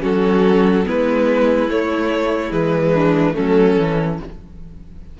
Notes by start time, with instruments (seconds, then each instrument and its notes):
0.00 cello F#3, viola C#4, violin F#4 A4
0.85 cello G#3, viola B3, violin E4 B4
1.69 cello A3, viola A3, violin C#5
2.50 cello E3, viola G#3, violin B4
2.93 violin D4
3.34 cello F#3, viola A3, violin C#4 A4
3.77 cello E3, viola C#4